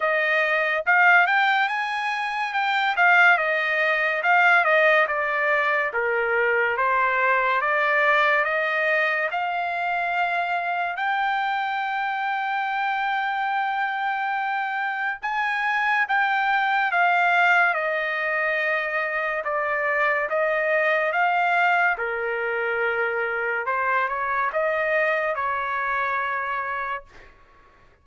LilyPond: \new Staff \with { instrumentName = "trumpet" } { \time 4/4 \tempo 4 = 71 dis''4 f''8 g''8 gis''4 g''8 f''8 | dis''4 f''8 dis''8 d''4 ais'4 | c''4 d''4 dis''4 f''4~ | f''4 g''2.~ |
g''2 gis''4 g''4 | f''4 dis''2 d''4 | dis''4 f''4 ais'2 | c''8 cis''8 dis''4 cis''2 | }